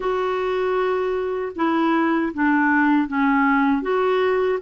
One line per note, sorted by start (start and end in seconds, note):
0.00 1.52 F#4
1.55 2.32 E4
2.33 3.07 D4
3.07 3.82 C#4
3.82 4.59 F#4